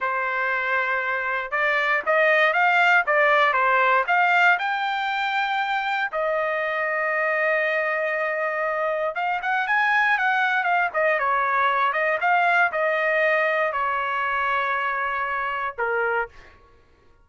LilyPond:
\new Staff \with { instrumentName = "trumpet" } { \time 4/4 \tempo 4 = 118 c''2. d''4 | dis''4 f''4 d''4 c''4 | f''4 g''2. | dis''1~ |
dis''2 f''8 fis''8 gis''4 | fis''4 f''8 dis''8 cis''4. dis''8 | f''4 dis''2 cis''4~ | cis''2. ais'4 | }